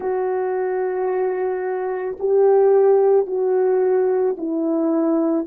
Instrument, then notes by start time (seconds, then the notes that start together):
horn
0.00 F#4
2.19 G4
3.27 F#4
4.37 E4